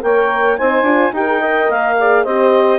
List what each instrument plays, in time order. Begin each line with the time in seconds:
0.00 bassoon A#3, horn A#4, saxophone C#5, clarinet G5
0.58 bassoon C4, horn D#4, saxophone C5, clarinet G#5
0.83 bassoon D4, horn F4
1.13 bassoon D#4, horn G4, saxophone A#4, clarinet G5
1.26 horn G#4
1.41 horn A#4, saxophone D#5
1.70 bassoon A#3, clarinet F5
1.99 horn G#4, saxophone D5
2.24 bassoon C4, horn G4, saxophone C5, clarinet D#5